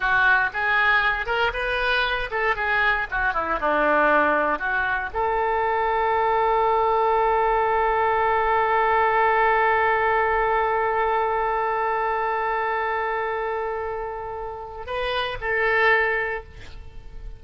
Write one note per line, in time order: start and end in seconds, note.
0.00 0.50 F#4
0.53 1.26 G#4
1.26 1.51 A#4
1.53 2.30 B4
2.30 2.55 A4
2.55 3.07 G#4
3.10 3.33 F#4
3.33 3.59 E4
3.60 4.59 D4
4.59 5.10 F#4
5.13 14.86 A4
14.86 15.37 B4
15.41 16.43 A4